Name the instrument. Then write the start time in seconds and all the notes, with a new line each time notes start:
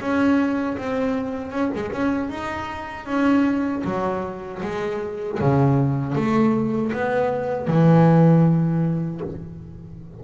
double bass
0.00 C#4
0.78 C4
1.52 C#4
1.75 G#3
1.92 C#4
2.30 D#4
3.06 C#4
3.85 F#3
4.62 G#3
5.40 C#3
6.15 A3
6.93 B3
7.67 E3